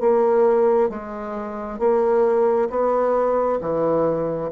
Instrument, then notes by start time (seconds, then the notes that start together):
bassoon
0.00 A#3
0.89 G#3
1.79 A#3
2.69 B3
3.61 E3